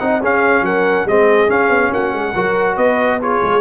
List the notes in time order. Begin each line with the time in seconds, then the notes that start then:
0.00 C4 D#4 D#5 F#5
0.22 C#4 G#4 F5
0.62 F#3 A#4 F#5
1.06 G#3 C4 G#4 D#5
1.48 C#4 F5
1.69 B3
1.93 A#3 F#4 F#5
2.13 G#3 G#4
2.35 F#3 F#4 A#4
2.75 B3 B4 D#5
3.22 F4 G#4 C#5
3.43 G#3